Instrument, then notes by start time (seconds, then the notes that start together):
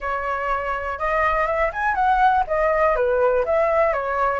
flute
0.00 C#5
0.98 D#5
1.46 E5
1.73 G#5
1.94 F#5
2.47 D#5
2.95 B4
3.45 E5
3.93 C#5